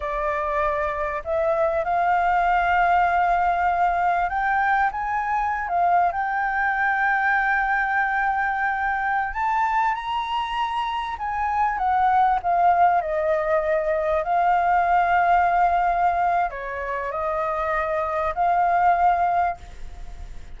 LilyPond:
\new Staff \with { instrumentName = "flute" } { \time 4/4 \tempo 4 = 98 d''2 e''4 f''4~ | f''2. g''4 | gis''4~ gis''16 f''8. g''2~ | g''2.~ g''16 a''8.~ |
a''16 ais''2 gis''4 fis''8.~ | fis''16 f''4 dis''2 f''8.~ | f''2. cis''4 | dis''2 f''2 | }